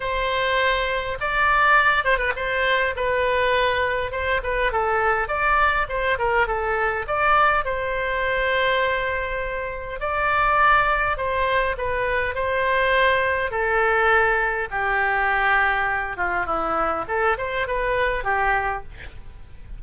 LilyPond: \new Staff \with { instrumentName = "oboe" } { \time 4/4 \tempo 4 = 102 c''2 d''4. c''16 b'16 | c''4 b'2 c''8 b'8 | a'4 d''4 c''8 ais'8 a'4 | d''4 c''2.~ |
c''4 d''2 c''4 | b'4 c''2 a'4~ | a'4 g'2~ g'8 f'8 | e'4 a'8 c''8 b'4 g'4 | }